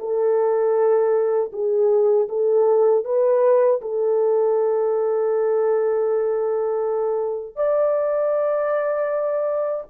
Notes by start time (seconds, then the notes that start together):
0.00 A4
1.53 G#4
2.29 A4
3.05 B4
3.82 A4
7.56 D5